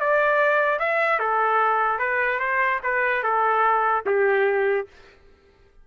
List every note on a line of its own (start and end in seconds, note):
0.00 0.79 D5
0.79 1.19 E5
1.19 1.99 A4
1.99 2.39 B4
2.40 2.80 C5
2.83 3.23 B4
3.23 4.04 A4
4.06 4.87 G4